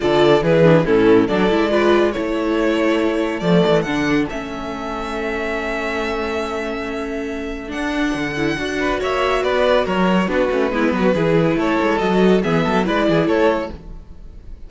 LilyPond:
<<
  \new Staff \with { instrumentName = "violin" } { \time 4/4 \tempo 4 = 140 d''4 b'4 a'4 d''4~ | d''4 cis''2. | d''4 fis''4 e''2~ | e''1~ |
e''2 fis''2~ | fis''4 e''4 d''4 cis''4 | b'2. cis''4 | dis''4 e''4 d''4 cis''4 | }
  \new Staff \with { instrumentName = "violin" } { \time 4/4 a'4 gis'4 e'4 a'4 | b'4 a'2.~ | a'1~ | a'1~ |
a'1~ | a'8 b'8 cis''4 b'4 ais'4 | fis'4 e'8 fis'8 gis'4 a'4~ | a'4 gis'8 a'8 b'8 gis'8 a'4 | }
  \new Staff \with { instrumentName = "viola" } { \time 4/4 f'4 e'8 d'8 cis'4 d'8 e'8 | f'4 e'2. | a4 d'4 cis'2~ | cis'1~ |
cis'2 d'4. e'8 | fis'1 | d'8 cis'8 b4 e'2 | fis'4 b4 e'2 | }
  \new Staff \with { instrumentName = "cello" } { \time 4/4 d4 e4 a,4 fis8 gis8~ | gis4 a2. | f8 e8 d4 a2~ | a1~ |
a2 d'4 d4 | d'4 ais4 b4 fis4 | b8 a8 gis8 fis8 e4 a8 gis8 | fis4 e8 fis8 gis8 e8 a4 | }
>>